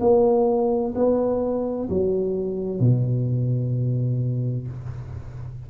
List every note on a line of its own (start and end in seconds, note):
0.00 0.94 A#3
0.95 1.88 B3
1.89 2.80 F#3
2.80 4.67 B2